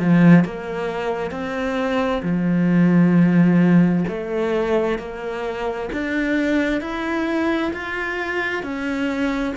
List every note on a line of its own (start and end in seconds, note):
0.00 0.45 F3
0.45 1.31 A#3
1.31 2.22 C4
2.23 4.05 F3
4.08 4.99 A3
4.99 5.90 A#3
5.93 6.81 D4
6.81 7.72 E4
7.74 8.63 F4
8.63 9.54 C#4